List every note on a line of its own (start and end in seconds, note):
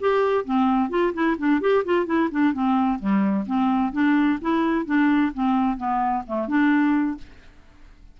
0.00 0.45 G4
0.45 0.90 C4
0.90 1.13 F4
1.14 1.37 E4
1.38 1.61 D4
1.61 1.84 G4
1.85 2.06 F4
2.06 2.29 E4
2.31 2.53 D4
2.53 2.99 C4
2.99 3.46 G3
3.47 3.93 C4
3.93 4.39 D4
4.41 4.86 E4
4.86 5.32 D4
5.34 5.77 C4
5.77 6.24 B3
6.27 6.48 A3
6.48 7.18 D4